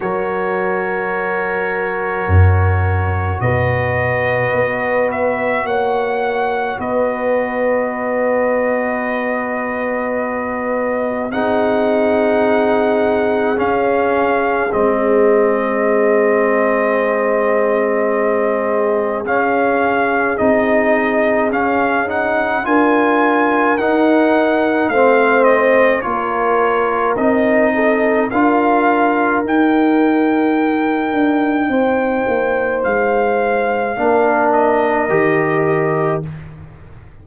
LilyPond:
<<
  \new Staff \with { instrumentName = "trumpet" } { \time 4/4 \tempo 4 = 53 cis''2. dis''4~ | dis''8 e''8 fis''4 dis''2~ | dis''2 fis''2 | f''4 dis''2.~ |
dis''4 f''4 dis''4 f''8 fis''8 | gis''4 fis''4 f''8 dis''8 cis''4 | dis''4 f''4 g''2~ | g''4 f''4. dis''4. | }
  \new Staff \with { instrumentName = "horn" } { \time 4/4 ais'2. b'4~ | b'4 cis''4 b'2~ | b'2 gis'2~ | gis'1~ |
gis'1 | ais'2 c''4 ais'4~ | ais'8 a'8 ais'2. | c''2 ais'2 | }
  \new Staff \with { instrumentName = "trombone" } { \time 4/4 fis'1~ | fis'1~ | fis'2 dis'2 | cis'4 c'2.~ |
c'4 cis'4 dis'4 cis'8 dis'8 | f'4 dis'4 c'4 f'4 | dis'4 f'4 dis'2~ | dis'2 d'4 g'4 | }
  \new Staff \with { instrumentName = "tuba" } { \time 4/4 fis2 fis,4 b,4 | b4 ais4 b2~ | b2 c'2 | cis'4 gis2.~ |
gis4 cis'4 c'4 cis'4 | d'4 dis'4 a4 ais4 | c'4 d'4 dis'4. d'8 | c'8 ais8 gis4 ais4 dis4 | }
>>